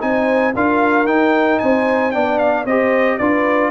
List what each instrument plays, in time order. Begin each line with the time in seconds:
0.00 tuba C4, trombone D#4, horn C5, trumpet G#5
0.55 tuba D4, trombone F4, horn A#4, trumpet F5
1.05 tuba D#4, trombone D#4, trumpet G5
1.59 tuba C4, horn C5, trumpet G#5
2.12 tuba B3, trombone D4, horn D5, trumpet G5
2.38 trumpet F5
2.65 tuba C4, trombone G4, horn C5, trumpet D#5
3.18 tuba D4, trombone F4, horn B4, trumpet D5